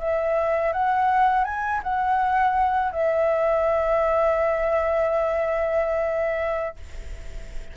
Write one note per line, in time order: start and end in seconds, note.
0.00 0.73 E5
0.73 1.45 F#5
1.45 1.81 G#5
1.84 2.92 F#5
2.92 6.76 E5